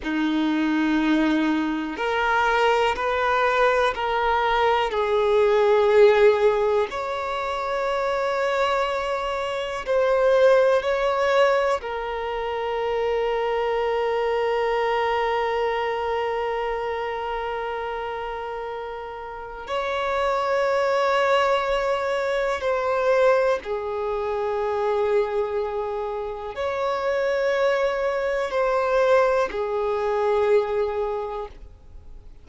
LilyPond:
\new Staff \with { instrumentName = "violin" } { \time 4/4 \tempo 4 = 61 dis'2 ais'4 b'4 | ais'4 gis'2 cis''4~ | cis''2 c''4 cis''4 | ais'1~ |
ais'1 | cis''2. c''4 | gis'2. cis''4~ | cis''4 c''4 gis'2 | }